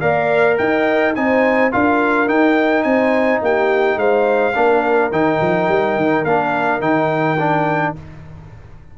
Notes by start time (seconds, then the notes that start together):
0.00 A#3 A#4 D5 F5
0.58 D#4 D#5 G5
1.15 C4 D#4 C5 G#5
1.71 D4 F4 A#4 F5
2.27 D#4 G5
2.83 C4 C5 G#5
3.42 A#3 G4 G5
3.96 G#3 C5 F5
4.55 A#3 D4 A#4
5.11 D#3 D#4 G5
5.41 F3
5.68 G3
5.96 D#3
6.24 A#3 D4 F5
6.79 D#3 D#4 G5
7.39 D4